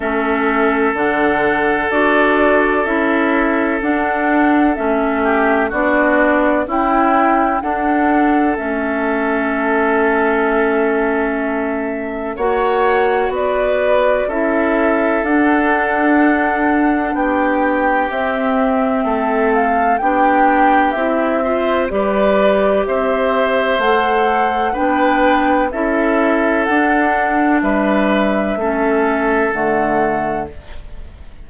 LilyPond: <<
  \new Staff \with { instrumentName = "flute" } { \time 4/4 \tempo 4 = 63 e''4 fis''4 d''4 e''4 | fis''4 e''4 d''4 g''4 | fis''4 e''2.~ | e''4 fis''4 d''4 e''4 |
fis''2 g''4 e''4~ | e''8 f''8 g''4 e''4 d''4 | e''4 fis''4 g''4 e''4 | fis''4 e''2 fis''4 | }
  \new Staff \with { instrumentName = "oboe" } { \time 4/4 a'1~ | a'4. g'8 fis'4 e'4 | a'1~ | a'4 cis''4 b'4 a'4~ |
a'2 g'2 | a'4 g'4. c''8 b'4 | c''2 b'4 a'4~ | a'4 b'4 a'2 | }
  \new Staff \with { instrumentName = "clarinet" } { \time 4/4 cis'4 d'4 fis'4 e'4 | d'4 cis'4 d'4 e'4 | d'4 cis'2.~ | cis'4 fis'2 e'4 |
d'2. c'4~ | c'4 d'4 e'8 f'8 g'4~ | g'4 a'4 d'4 e'4 | d'2 cis'4 a4 | }
  \new Staff \with { instrumentName = "bassoon" } { \time 4/4 a4 d4 d'4 cis'4 | d'4 a4 b4 cis'4 | d'4 a2.~ | a4 ais4 b4 cis'4 |
d'2 b4 c'4 | a4 b4 c'4 g4 | c'4 a4 b4 cis'4 | d'4 g4 a4 d4 | }
>>